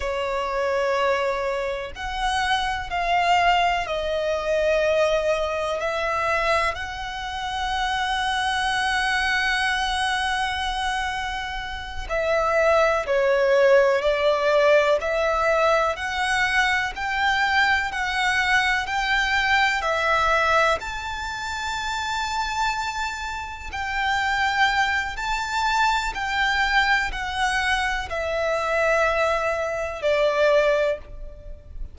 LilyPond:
\new Staff \with { instrumentName = "violin" } { \time 4/4 \tempo 4 = 62 cis''2 fis''4 f''4 | dis''2 e''4 fis''4~ | fis''1~ | fis''8 e''4 cis''4 d''4 e''8~ |
e''8 fis''4 g''4 fis''4 g''8~ | g''8 e''4 a''2~ a''8~ | a''8 g''4. a''4 g''4 | fis''4 e''2 d''4 | }